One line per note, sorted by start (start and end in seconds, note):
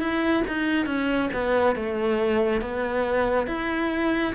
0.00 0.43 E4
0.48 0.86 D#4
0.86 1.30 C#4
1.34 1.76 B3
1.76 2.62 A3
2.62 3.47 B3
3.47 4.34 E4